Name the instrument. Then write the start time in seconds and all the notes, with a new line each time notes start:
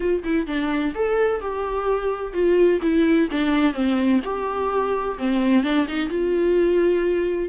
viola
0.00 F4
0.24 E4
0.47 D4
0.94 A4
1.41 G4
2.33 F4
2.81 E4
3.31 D4
3.73 C4
4.24 G4
5.18 C4
5.63 D4
5.87 D#4
6.09 F4